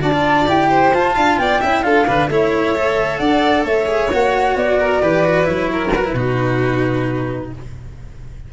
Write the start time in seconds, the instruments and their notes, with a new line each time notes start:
0.00 tuba D4, cello F#4, violin D5, flute A5
0.12 cello F4
0.46 tuba E4, cello G4, flute G5
0.69 violin C5
0.93 tuba F4, cello F4, flute A5
1.14 tuba D4, violin F5
1.38 tuba B3, violin D5, flute G5
1.60 tuba C#4, cello E4, violin E5
1.83 tuba D4, cello F4, violin A4, flute F5
2.07 tuba D3, cello D4, violin B4
2.28 tuba A3, cello E4, violin C#5, flute E5
2.75 cello A4
3.18 tuba D4, violin D5, flute F#5
3.64 tuba A3, violin C#5, flute E5
3.86 cello G#4
4.12 tuba A#3, cello F#4, flute F#5
4.55 tuba B3, flute D5
4.79 violin A#4
5.01 tuba E3, cello G4, violin B4
5.25 cello F#4
5.43 tuba F#3, cello E4, flute C#5
5.72 violin A#4
5.91 cello F#4, flute B4
6.04 cello E4
6.13 tuba B2, cello D#4, violin F#4